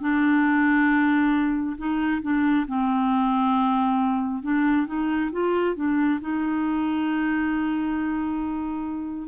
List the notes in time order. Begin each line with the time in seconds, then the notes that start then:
0.00 D4
1.78 D#4
2.22 D4
2.68 C4
4.43 D4
4.87 D#4
5.32 F4
5.76 D4
6.21 D#4